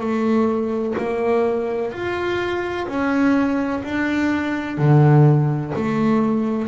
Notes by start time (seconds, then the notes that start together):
0.00 A3
0.98 A#3
1.92 F4
2.88 C#4
3.84 D4
4.78 D3
5.76 A3